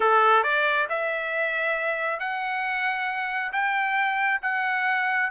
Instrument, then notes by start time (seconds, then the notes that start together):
trumpet
0.00 A4
0.43 D5
0.89 E5
2.19 F#5
3.52 G5
4.42 F#5